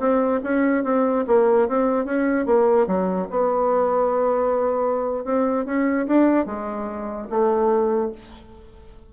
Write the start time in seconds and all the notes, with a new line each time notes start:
0.00 C4
0.44 C#4
0.84 C4
1.28 A#3
1.68 C4
2.06 C#4
2.46 A#3
2.87 F#3
3.31 B3
5.25 C4
5.66 C#4
6.08 D4
6.46 G#3
7.30 A3